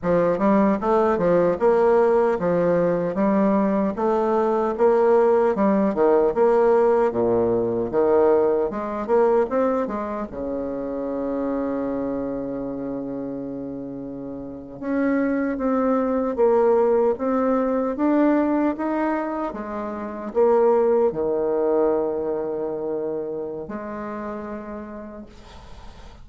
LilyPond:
\new Staff \with { instrumentName = "bassoon" } { \time 4/4 \tempo 4 = 76 f8 g8 a8 f8 ais4 f4 | g4 a4 ais4 g8 dis8 | ais4 ais,4 dis4 gis8 ais8 | c'8 gis8 cis2.~ |
cis2~ cis8. cis'4 c'16~ | c'8. ais4 c'4 d'4 dis'16~ | dis'8. gis4 ais4 dis4~ dis16~ | dis2 gis2 | }